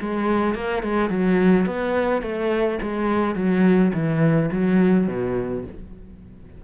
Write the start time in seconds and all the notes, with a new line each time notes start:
0.00 G#3
0.55 A#3
0.82 G#3
1.09 F#3
1.66 B3
2.22 A3
2.82 G#3
3.35 F#3
3.93 E3
4.51 F#3
5.07 B2